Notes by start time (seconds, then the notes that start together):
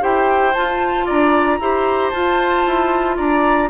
0.00 E4 G4 C5 G5
0.54 F4 A5
1.05 D4 D5 A#5
1.59 E4 G4 C5
2.10 F4 A5
2.66 E4
3.16 D4 D5 A#5